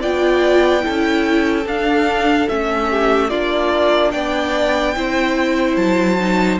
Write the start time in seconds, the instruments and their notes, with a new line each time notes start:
0.00 cello B3, viola F4, violin D5 G5
0.80 viola E4, violin A4
0.87 cello C#4
1.66 cello D4, viola D4, violin F5
2.48 cello A3, viola C#4, violin E5
2.89 violin G4
3.29 cello A#3, viola D4, violin F4 D5
4.11 cello B3, violin D5 G5
4.95 cello C4, viola E4, violin C5
5.76 cello F#3, violin A5
6.19 viola D#4